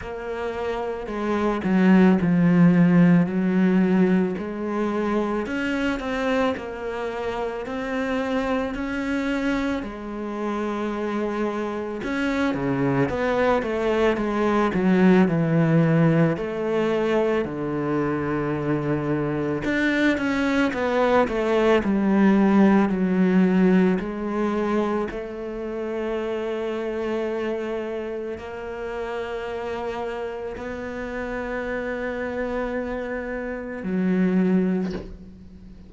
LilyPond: \new Staff \with { instrumentName = "cello" } { \time 4/4 \tempo 4 = 55 ais4 gis8 fis8 f4 fis4 | gis4 cis'8 c'8 ais4 c'4 | cis'4 gis2 cis'8 cis8 | b8 a8 gis8 fis8 e4 a4 |
d2 d'8 cis'8 b8 a8 | g4 fis4 gis4 a4~ | a2 ais2 | b2. fis4 | }